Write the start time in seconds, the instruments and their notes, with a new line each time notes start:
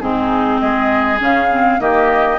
0.00 bassoon G#2, clarinet C4, oboe D#4, flute G#4
0.60 bassoon G#3, oboe G#4, flute D#5
1.19 bassoon C#3, clarinet C#4, flute F5
1.51 clarinet C4
1.80 bassoon D#3, clarinet A#3, oboe G4, flute D#5